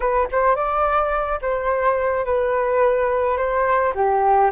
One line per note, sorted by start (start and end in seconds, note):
0.00 0.28 B4
0.31 0.55 C5
0.55 1.39 D5
1.41 2.25 C5
2.25 3.37 B4
3.37 3.93 C5
3.94 4.50 G4